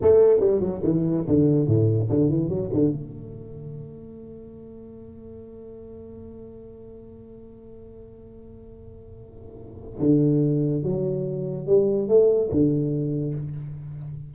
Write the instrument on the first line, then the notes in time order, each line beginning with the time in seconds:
tuba
0.01 A3
0.39 G3
0.60 F#3
0.83 E3
1.27 D3
1.67 A2
2.09 D3
2.29 E3
2.48 F#3
2.73 D3
2.91 A3
9.99 D3
10.83 F#3
11.66 G3
12.08 A3
12.51 D3